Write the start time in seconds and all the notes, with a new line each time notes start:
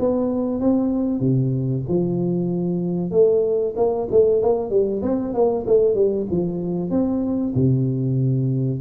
0.00 B3
0.61 C4
1.21 C3
1.89 F3
3.11 A3
3.77 A#3
4.11 A3
4.42 A#3
4.71 G3
5.03 C4
5.34 A#3
5.67 A3
5.95 G3
6.31 F3
6.91 C4
7.55 C3